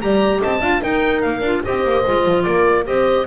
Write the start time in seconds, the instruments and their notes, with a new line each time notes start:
0.00 double bass G3, clarinet G4, horn D5, oboe A#5
0.41 double bass C4, horn D#5, oboe A5
0.60 double bass D4, clarinet F4, horn F5
0.81 clarinet D#4, double bass D#4, horn A#4, oboe G5
1.22 double bass A#3, oboe F5
1.41 double bass D4, clarinet F4
1.64 double bass C4, clarinet G4, horn C5, oboe D#5
1.84 double bass A#3
2.06 double bass G#3, clarinet F4
2.25 double bass F3
2.43 double bass A#3, horn A#4, oboe D5
2.85 double bass C4, clarinet G4, horn C5, oboe D#5